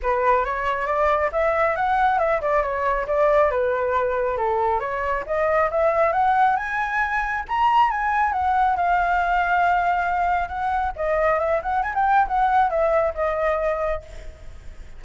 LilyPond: \new Staff \with { instrumentName = "flute" } { \time 4/4 \tempo 4 = 137 b'4 cis''4 d''4 e''4 | fis''4 e''8 d''8 cis''4 d''4 | b'2 a'4 cis''4 | dis''4 e''4 fis''4 gis''4~ |
gis''4 ais''4 gis''4 fis''4 | f''1 | fis''4 dis''4 e''8 fis''8 gis''16 g''8. | fis''4 e''4 dis''2 | }